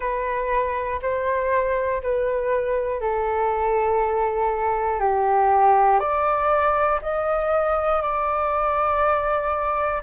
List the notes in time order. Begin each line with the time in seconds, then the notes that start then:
0.00 B4
1.02 C5
2.02 B4
3.00 A4
5.00 G4
6.00 D5
7.02 D#5
8.02 D5